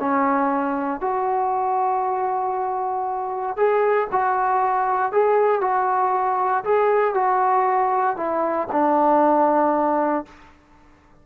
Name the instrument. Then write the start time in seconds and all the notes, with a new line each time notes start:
trombone
0.00 C#4
1.01 F#4
3.56 G#4
4.12 F#4
5.12 G#4
5.61 F#4
6.64 G#4
7.14 F#4
8.17 E4
8.72 D4